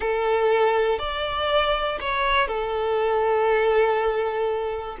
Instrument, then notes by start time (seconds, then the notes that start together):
violin
0.00 A4
0.98 D5
2.00 C#5
2.47 A4